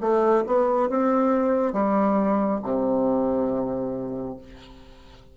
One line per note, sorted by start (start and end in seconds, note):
0.00 0.43 A3
0.46 0.89 B3
0.89 1.73 C4
1.73 2.60 G3
2.63 4.37 C3